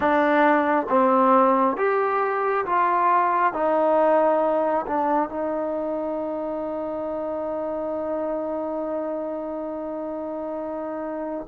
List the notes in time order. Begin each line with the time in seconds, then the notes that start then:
0.00 D4
0.89 C4
1.76 G4
2.65 F4
3.53 D#4
4.86 D4
5.29 D#4